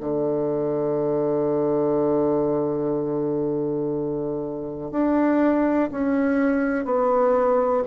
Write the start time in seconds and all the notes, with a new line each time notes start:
0.00 D3
4.91 D4
5.91 C#4
6.85 B3